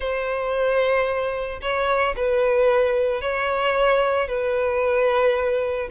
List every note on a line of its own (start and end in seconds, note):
0.00 1.59 C5
1.61 2.15 C#5
2.16 3.21 B4
3.21 4.28 C#5
4.28 5.88 B4